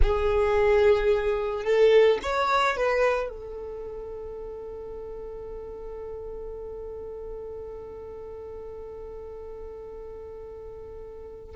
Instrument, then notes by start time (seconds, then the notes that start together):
violin
0.02 G#4
1.63 A4
2.22 C#5
2.76 B4
3.29 A4